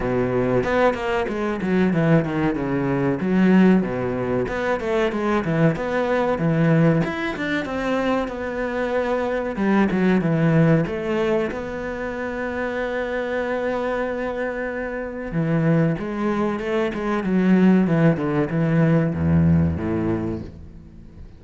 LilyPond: \new Staff \with { instrumentName = "cello" } { \time 4/4 \tempo 4 = 94 b,4 b8 ais8 gis8 fis8 e8 dis8 | cis4 fis4 b,4 b8 a8 | gis8 e8 b4 e4 e'8 d'8 | c'4 b2 g8 fis8 |
e4 a4 b2~ | b1 | e4 gis4 a8 gis8 fis4 | e8 d8 e4 e,4 a,4 | }